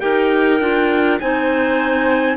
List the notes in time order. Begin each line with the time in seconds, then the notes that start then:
0.00 D#4 G4 A#4 G5
0.60 D4 F4
1.20 C4 D#4 C5 G#5